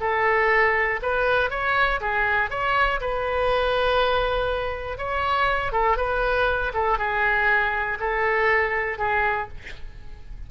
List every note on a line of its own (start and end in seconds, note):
0.00 1.00 A4
1.02 1.50 B4
1.50 2.00 C#5
2.00 2.50 G#4
2.50 3.00 C#5
3.00 4.98 B4
4.98 5.72 C#5
5.72 5.97 A4
5.97 6.72 B4
6.73 6.98 A4
6.98 7.98 G#4
7.99 8.98 A4
8.98 9.48 G#4